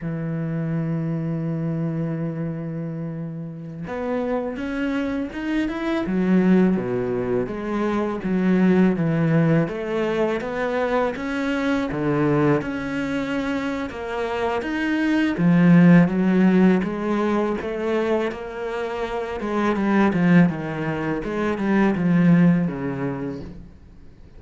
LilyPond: \new Staff \with { instrumentName = "cello" } { \time 4/4 \tempo 4 = 82 e1~ | e4~ e16 b4 cis'4 dis'8 e'16~ | e'16 fis4 b,4 gis4 fis8.~ | fis16 e4 a4 b4 cis'8.~ |
cis'16 d4 cis'4.~ cis'16 ais4 | dis'4 f4 fis4 gis4 | a4 ais4. gis8 g8 f8 | dis4 gis8 g8 f4 cis4 | }